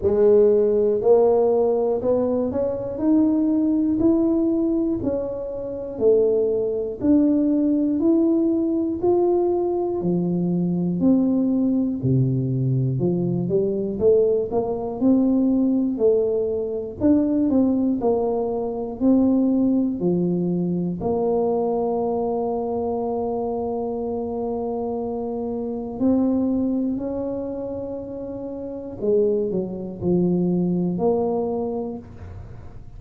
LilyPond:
\new Staff \with { instrumentName = "tuba" } { \time 4/4 \tempo 4 = 60 gis4 ais4 b8 cis'8 dis'4 | e'4 cis'4 a4 d'4 | e'4 f'4 f4 c'4 | c4 f8 g8 a8 ais8 c'4 |
a4 d'8 c'8 ais4 c'4 | f4 ais2.~ | ais2 c'4 cis'4~ | cis'4 gis8 fis8 f4 ais4 | }